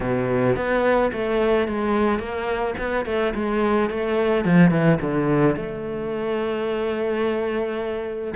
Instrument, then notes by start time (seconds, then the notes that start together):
cello
0.00 B2
0.56 B3
1.12 A3
1.67 G#3
2.19 A#3
2.78 B3
3.05 A3
3.35 G#3
3.90 A3
4.44 F3
4.70 E3
5.01 D3
5.56 A3